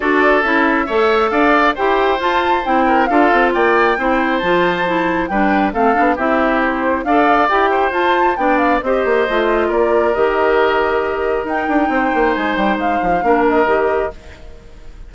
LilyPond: <<
  \new Staff \with { instrumentName = "flute" } { \time 4/4 \tempo 4 = 136 d''4 e''2 f''4 | g''4 a''4 g''4 f''4 | g''2 a''2 | g''4 f''4 e''4 c''4 |
f''4 g''4 a''4 g''8 f''8 | dis''2 d''4 dis''4~ | dis''2 g''2 | gis''8 g''8 f''4. dis''4. | }
  \new Staff \with { instrumentName = "oboe" } { \time 4/4 a'2 cis''4 d''4 | c''2~ c''8 ais'8 a'4 | d''4 c''2. | b'4 a'4 g'2 |
d''4. c''4. d''4 | c''2 ais'2~ | ais'2. c''4~ | c''2 ais'2 | }
  \new Staff \with { instrumentName = "clarinet" } { \time 4/4 fis'4 e'4 a'2 | g'4 f'4 e'4 f'4~ | f'4 e'4 f'4 e'4 | d'4 c'8 d'8 e'2 |
a'4 g'4 f'4 d'4 | g'4 f'2 g'4~ | g'2 dis'2~ | dis'2 d'4 g'4 | }
  \new Staff \with { instrumentName = "bassoon" } { \time 4/4 d'4 cis'4 a4 d'4 | e'4 f'4 c'4 d'8 c'8 | ais4 c'4 f2 | g4 a8 b8 c'2 |
d'4 e'4 f'4 b4 | c'8 ais8 a4 ais4 dis4~ | dis2 dis'8 d'8 c'8 ais8 | gis8 g8 gis8 f8 ais4 dis4 | }
>>